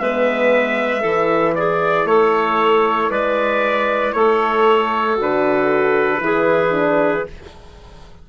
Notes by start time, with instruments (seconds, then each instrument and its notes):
0.00 bassoon G#3, horn B3, clarinet B4, trumpet E5
1.02 bassoon E3, horn E4, clarinet A4
1.56 clarinet G#4, trumpet D5
2.06 bassoon A3, clarinet A4, trumpet C#5
3.10 bassoon G#3, clarinet B4, trumpet D5
4.13 bassoon A3, clarinet A4, trumpet C#5
5.16 bassoon D3, horn F#4
5.22 trumpet B4
6.21 bassoon E3, horn E4, clarinet G#4
6.71 horn D4